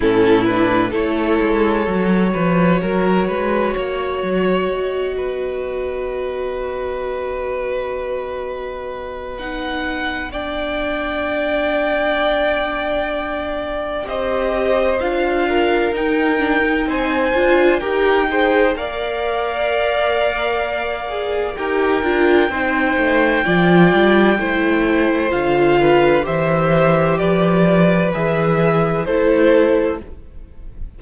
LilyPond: <<
  \new Staff \with { instrumentName = "violin" } { \time 4/4 \tempo 4 = 64 a'8 b'8 cis''2.~ | cis''4 dis''2.~ | dis''2 fis''4 g''4~ | g''2. dis''4 |
f''4 g''4 gis''4 g''4 | f''2. g''4~ | g''2. f''4 | e''4 d''4 e''4 c''4 | }
  \new Staff \with { instrumentName = "violin" } { \time 4/4 e'4 a'4. b'8 ais'8 b'8 | cis''4. b'2~ b'8~ | b'2. d''4~ | d''2. c''4~ |
c''8 ais'4. c''4 ais'8 c''8 | d''2. ais'4 | c''4 d''4 c''4. b'8 | c''4 b'2 a'4 | }
  \new Staff \with { instrumentName = "viola" } { \time 4/4 cis'8 d'8 e'4 fis'2~ | fis'1~ | fis'2 dis'4 d'4~ | d'2. g'4 |
f'4 dis'8 d'16 dis'8. f'8 g'8 gis'8 | ais'2~ ais'8 gis'8 g'8 f'8 | dis'4 f'4 e'4 f'4 | g'2 gis'4 e'4 | }
  \new Staff \with { instrumentName = "cello" } { \time 4/4 a,4 a8 gis8 fis8 f8 fis8 gis8 | ais8 fis8 b2.~ | b1~ | b2. c'4 |
d'4 dis'4 c'8 d'8 dis'4 | ais2. dis'8 d'8 | c'8 a8 f8 g8 a4 d4 | e4 f4 e4 a4 | }
>>